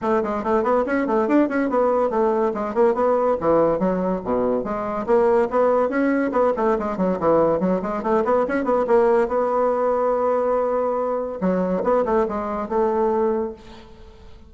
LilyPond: \new Staff \with { instrumentName = "bassoon" } { \time 4/4 \tempo 4 = 142 a8 gis8 a8 b8 cis'8 a8 d'8 cis'8 | b4 a4 gis8 ais8 b4 | e4 fis4 b,4 gis4 | ais4 b4 cis'4 b8 a8 |
gis8 fis8 e4 fis8 gis8 a8 b8 | cis'8 b8 ais4 b2~ | b2. fis4 | b8 a8 gis4 a2 | }